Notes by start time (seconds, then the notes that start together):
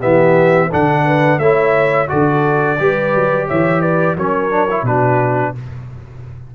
0.00 E3 B3 G4 E5
0.69 D3 D4 A4 F#5
1.05 B4
1.39 A3 E4 C#5 E5
2.08 D3 F#4 A4 D5
2.79 G3 G4 B4
3.15 F#3
3.48 E3 C#5 E5
3.82 B4 D5
4.16 F#3 C#4 A#4 C#5
4.51 D4
4.70 E4
4.83 B2 D4 F#4 B4